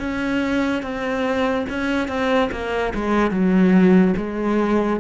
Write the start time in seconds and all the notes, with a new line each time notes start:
0.00 C#4
0.83 C4
1.70 C#4
2.08 C4
2.52 A#3
2.95 G#3
3.31 F#3
4.17 G#3